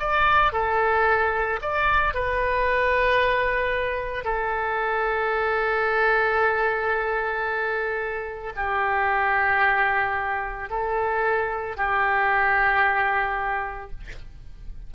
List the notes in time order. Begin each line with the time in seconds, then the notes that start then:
0.00 D5
0.53 A4
1.62 D5
2.15 B4
4.25 A4
8.57 G4
10.70 A4
11.77 G4